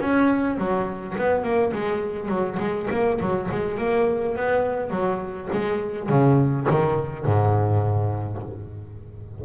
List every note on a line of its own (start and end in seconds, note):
0.00 0.57 C#4
0.57 1.16 F#3
1.18 1.43 B3
1.43 1.72 A#3
1.73 2.29 G#3
2.29 2.58 F#3
2.59 2.88 G#3
2.90 3.20 A#3
3.20 3.50 F#3
3.51 3.78 G#3
3.78 4.36 A#3
4.36 4.90 B3
4.90 5.48 F#3
5.52 6.09 G#3
6.09 6.67 C#3
6.70 7.26 D#3
7.26 8.42 G#2